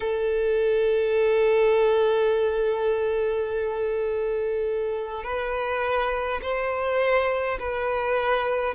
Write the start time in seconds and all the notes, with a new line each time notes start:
0.00 A4
5.23 B4
6.42 C5
7.59 B4